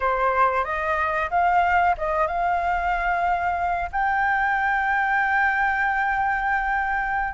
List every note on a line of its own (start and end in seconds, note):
0.00 0.64 C5
0.64 1.29 D#5
1.30 1.95 F5
1.97 2.27 D#5
2.27 3.90 F5
3.92 7.34 G5